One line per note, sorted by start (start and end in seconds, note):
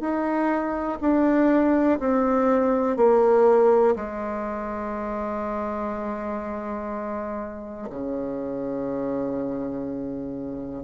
0.00 0.98 D#4
1.01 1.99 D4
1.99 2.96 C4
2.96 3.95 A#3
3.96 7.89 G#3
7.90 10.83 C#3